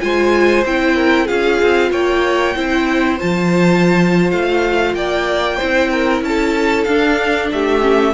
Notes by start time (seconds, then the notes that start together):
0.00 G#3 F4 C5 G#5
0.65 C4 E4 G5
0.96 A#4
1.25 C#4 F4 G#4 F5
1.62 C4
1.91 A#3 C#5 G5
2.55 C4 E4 C5
3.19 F3 F4 A5
4.31 A3 F5
4.94 A#3 D5 G5
5.57 C4 E4 C5
5.91 A#4
6.21 C#4 A5
6.28 A4
6.84 D4 F5
7.52 A3 G4 E5
7.81 C#4